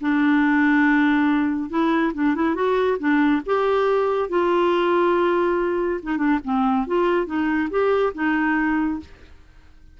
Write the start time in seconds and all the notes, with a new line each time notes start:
0.00 D4
1.69 E4
2.13 D4
2.34 E4
2.55 F#4
2.98 D4
3.45 G4
4.29 F4
6.02 D#4
6.17 D4
6.44 C4
6.86 F4
7.26 D#4
7.70 G4
8.14 D#4